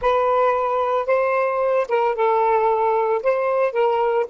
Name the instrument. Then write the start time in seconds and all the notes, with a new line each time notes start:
saxophone
0.01 B4
1.06 C5
1.88 A#4
2.15 A4
3.22 C5
3.72 A#4